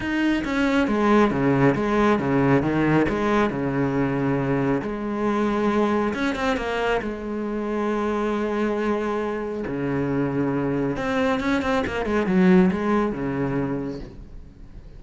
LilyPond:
\new Staff \with { instrumentName = "cello" } { \time 4/4 \tempo 4 = 137 dis'4 cis'4 gis4 cis4 | gis4 cis4 dis4 gis4 | cis2. gis4~ | gis2 cis'8 c'8 ais4 |
gis1~ | gis2 cis2~ | cis4 c'4 cis'8 c'8 ais8 gis8 | fis4 gis4 cis2 | }